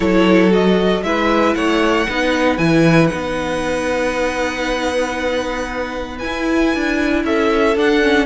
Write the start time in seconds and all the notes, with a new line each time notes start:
0.00 F#3 E4 A4 C#5
0.50 F#4 D#5
1.03 G#3 E4 B4 E5
1.54 A3 C#5 F#5
2.08 B3 D#4 B4
2.57 E3 E4 G#5
3.07 D#4 F#5
3.13 B3
6.18 E4 G#5
6.75 D4
7.24 C#4 A4 E5
7.75 D4 F#5
8.02 C#4